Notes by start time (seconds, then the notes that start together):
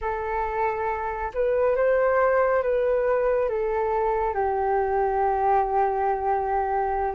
0.01 A4
1.34 B4
1.76 C5
2.62 B4
3.49 A4
4.34 G4